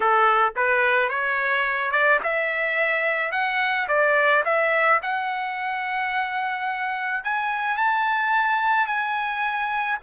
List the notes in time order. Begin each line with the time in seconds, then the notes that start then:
0.00 A4
0.56 B4
1.09 C#5
1.91 D5
2.23 E5
3.31 F#5
3.88 D5
4.44 E5
5.02 F#5
7.23 G#5
7.77 A5
8.87 G#5